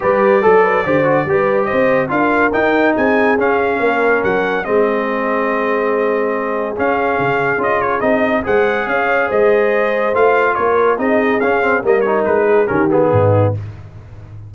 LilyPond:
<<
  \new Staff \with { instrumentName = "trumpet" } { \time 4/4 \tempo 4 = 142 d''1 | dis''4 f''4 g''4 gis''4 | f''2 fis''4 dis''4~ | dis''1 |
f''2 dis''8 cis''8 dis''4 | fis''4 f''4 dis''2 | f''4 cis''4 dis''4 f''4 | dis''8 cis''8 b'4 ais'8 gis'4. | }
  \new Staff \with { instrumentName = "horn" } { \time 4/4 b'4 a'8 b'8 c''4 b'4 | c''4 ais'2 gis'4~ | gis'4 ais'2 gis'4~ | gis'1~ |
gis'1 | c''4 cis''4 c''2~ | c''4 ais'4 gis'2 | ais'4. gis'8 g'4 dis'4 | }
  \new Staff \with { instrumentName = "trombone" } { \time 4/4 g'4 a'4 g'8 fis'8 g'4~ | g'4 f'4 dis'2 | cis'2. c'4~ | c'1 |
cis'2 f'4 dis'4 | gis'1 | f'2 dis'4 cis'8 c'8 | ais8 dis'4. cis'8 b4. | }
  \new Staff \with { instrumentName = "tuba" } { \time 4/4 g4 fis4 d4 g4 | c'4 d'4 dis'4 c'4 | cis'4 ais4 fis4 gis4~ | gis1 |
cis'4 cis4 cis'4 c'4 | gis4 cis'4 gis2 | a4 ais4 c'4 cis'4 | g4 gis4 dis4 gis,4 | }
>>